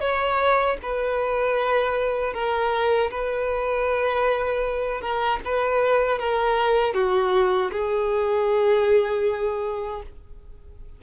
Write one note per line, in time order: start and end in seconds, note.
0.00 0.77 C#5
0.82 2.34 B4
2.34 3.10 A#4
3.10 5.01 B4
5.01 5.40 A#4
5.44 6.19 B4
6.19 6.94 A#4
6.94 7.71 F#4
7.71 10.02 G#4